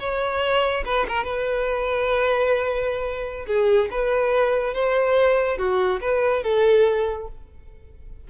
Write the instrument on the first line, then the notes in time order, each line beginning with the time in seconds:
violin
0.00 C#5
0.85 B4
1.09 A#4
1.25 B4
3.47 G#4
3.91 B4
4.75 C5
5.59 F#4
6.01 B4
6.43 A4